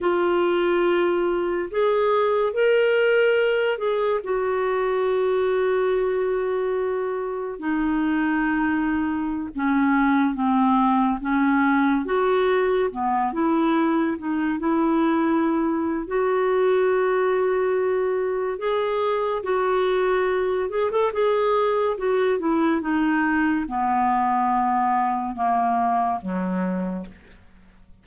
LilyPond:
\new Staff \with { instrumentName = "clarinet" } { \time 4/4 \tempo 4 = 71 f'2 gis'4 ais'4~ | ais'8 gis'8 fis'2.~ | fis'4 dis'2~ dis'16 cis'8.~ | cis'16 c'4 cis'4 fis'4 b8 e'16~ |
e'8. dis'8 e'4.~ e'16 fis'4~ | fis'2 gis'4 fis'4~ | fis'8 gis'16 a'16 gis'4 fis'8 e'8 dis'4 | b2 ais4 fis4 | }